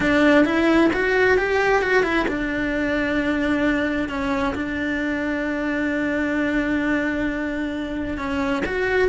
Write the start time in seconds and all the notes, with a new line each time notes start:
0.00 D4
0.45 E4
0.93 F#4
1.37 G4
1.82 F#4
2.03 E4
2.27 D4
4.08 C#4
4.54 D4
8.17 C#4
8.65 F#4